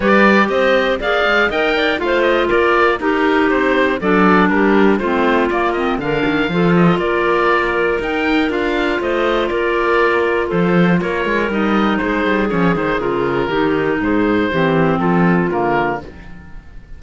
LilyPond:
<<
  \new Staff \with { instrumentName = "oboe" } { \time 4/4 \tempo 4 = 120 d''4 dis''4 f''4 g''4 | f''8 dis''8 d''4 ais'4 c''4 | d''4 ais'4 c''4 d''8 dis''8 | f''4. dis''8 d''2 |
g''4 f''4 dis''4 d''4~ | d''4 c''4 cis''4 dis''4 | c''4 cis''8 c''8 ais'2 | c''2 a'4 ais'4 | }
  \new Staff \with { instrumentName = "clarinet" } { \time 4/4 b'4 c''4 d''4 dis''8 d''8 | c''4 ais'4 g'2 | a'4 g'4 f'2 | ais'4 a'4 ais'2~ |
ais'2 c''4 ais'4~ | ais'4 a'4 ais'2 | gis'2. g'4 | gis'4 g'4 f'2 | }
  \new Staff \with { instrumentName = "clarinet" } { \time 4/4 g'2 gis'4 ais'4 | f'2 dis'2 | d'2 c'4 ais8 c'8 | d'4 f'2. |
dis'4 f'2.~ | f'2. dis'4~ | dis'4 cis'8 dis'8 f'4 dis'4~ | dis'4 c'2 ais4 | }
  \new Staff \with { instrumentName = "cello" } { \time 4/4 g4 c'4 ais8 gis8 dis'4 | a4 ais4 dis'4 c'4 | fis4 g4 a4 ais4 | d8 dis8 f4 ais2 |
dis'4 d'4 a4 ais4~ | ais4 f4 ais8 gis8 g4 | gis8 g8 f8 dis8 cis4 dis4 | gis,4 e4 f4 d4 | }
>>